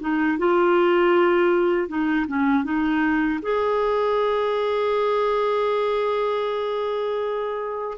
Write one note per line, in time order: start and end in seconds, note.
0.00 0.38 D#4
0.38 1.88 F4
1.88 2.26 D#4
2.28 2.64 C#4
2.64 3.40 D#4
3.42 7.98 G#4